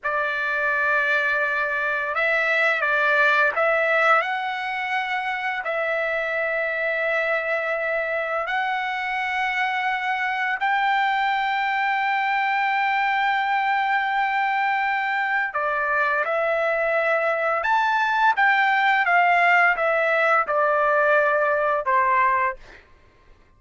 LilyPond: \new Staff \with { instrumentName = "trumpet" } { \time 4/4 \tempo 4 = 85 d''2. e''4 | d''4 e''4 fis''2 | e''1 | fis''2. g''4~ |
g''1~ | g''2 d''4 e''4~ | e''4 a''4 g''4 f''4 | e''4 d''2 c''4 | }